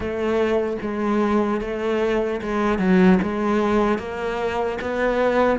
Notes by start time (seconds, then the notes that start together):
0.00 A3
0.81 G#3
1.60 A3
2.41 G#3
2.78 F#3
3.22 G#3
3.98 A#3
4.81 B3